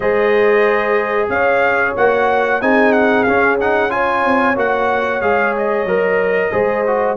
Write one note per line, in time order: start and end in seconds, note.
0.00 1.29 G#3
0.00 1.96 G#4
0.00 1.29 C5
0.00 1.29 D#5
1.29 1.94 C#4
1.29 2.62 C#5
1.29 1.94 F5
1.96 2.61 A#3
1.96 2.61 F#4
1.96 2.61 F#5
2.61 3.26 C4
2.61 3.26 D#4
2.61 3.92 G#4
2.61 2.92 G#5
2.92 3.23 F#5
3.23 3.59 C#4
3.23 4.25 C#4
3.23 3.56 F5
3.60 3.89 D#4
3.60 3.90 F#5
3.89 4.54 F4
3.89 6.52 C#5
3.89 4.56 G#5
4.25 4.56 C4
4.55 5.21 A#3
4.55 5.20 F#4
4.55 5.21 F#5
5.21 5.85 G#3
5.21 5.86 G#4
5.21 5.53 F5
5.57 7.16 D#5
5.85 6.50 F#3
5.85 6.51 A#4
6.51 7.16 G#3
6.51 6.84 G#4
6.51 7.16 C5
6.86 7.16 F#4